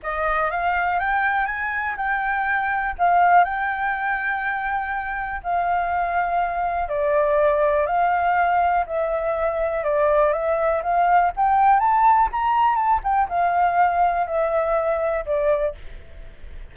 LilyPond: \new Staff \with { instrumentName = "flute" } { \time 4/4 \tempo 4 = 122 dis''4 f''4 g''4 gis''4 | g''2 f''4 g''4~ | g''2. f''4~ | f''2 d''2 |
f''2 e''2 | d''4 e''4 f''4 g''4 | a''4 ais''4 a''8 g''8 f''4~ | f''4 e''2 d''4 | }